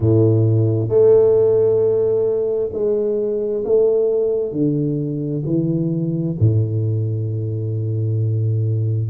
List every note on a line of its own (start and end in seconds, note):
0.00 0.88 A2
0.88 2.70 A3
2.73 3.64 G#3
3.64 4.52 A3
4.52 5.43 D3
5.45 6.36 E3
6.39 9.09 A2